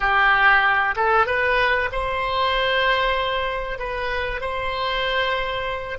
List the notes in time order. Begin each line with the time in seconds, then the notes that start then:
0.00 G4
0.96 A4
1.26 B4
1.91 C5
3.78 B4
4.40 C5